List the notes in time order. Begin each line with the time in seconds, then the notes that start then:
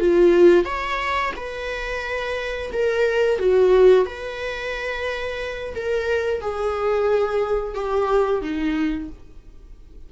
0.00 F4
0.65 C#5
1.36 B4
2.73 A#4
3.39 F#4
4.06 B4
5.75 A#4
6.41 G#4
7.75 G4
8.41 D#4